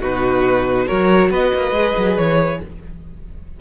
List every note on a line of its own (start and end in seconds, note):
0.00 0.90 B2
0.00 0.88 D#4
0.00 0.86 F#4
0.00 0.88 B4
0.87 1.31 F#3
0.87 1.74 F#4
0.87 1.30 A#4
0.87 1.31 C#5
1.31 1.52 B3
1.31 2.60 B4
1.31 2.18 D#5
1.54 1.72 A#3
1.72 1.93 G#3
1.72 2.61 G#4
1.98 2.17 F#3
2.17 2.61 E3
2.17 2.61 C#5